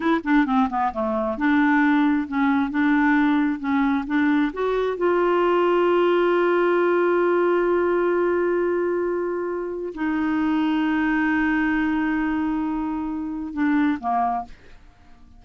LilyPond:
\new Staff \with { instrumentName = "clarinet" } { \time 4/4 \tempo 4 = 133 e'8 d'8 c'8 b8 a4 d'4~ | d'4 cis'4 d'2 | cis'4 d'4 fis'4 f'4~ | f'1~ |
f'1~ | f'2 dis'2~ | dis'1~ | dis'2 d'4 ais4 | }